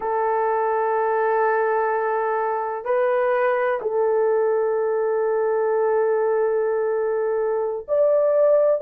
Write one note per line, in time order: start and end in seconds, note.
0.00 2.84 A4
2.84 3.80 B4
3.81 7.86 A4
7.88 8.81 D5